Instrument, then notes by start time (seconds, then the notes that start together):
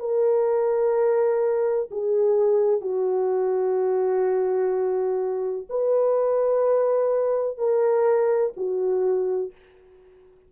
horn
0.00 A#4
1.91 G#4
2.82 F#4
5.70 B4
7.58 A#4
8.57 F#4